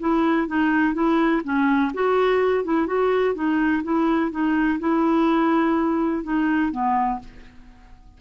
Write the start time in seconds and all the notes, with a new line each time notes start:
0.00 E4
0.48 D#4
0.94 E4
1.44 C#4
1.94 F#4
2.65 E4
2.87 F#4
3.35 D#4
3.84 E4
4.31 D#4
4.80 E4
6.24 D#4
6.72 B3